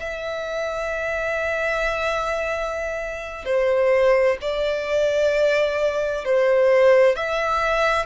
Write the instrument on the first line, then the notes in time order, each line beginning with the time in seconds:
violin
0.00 E5
3.46 C5
4.41 D5
6.25 C5
7.16 E5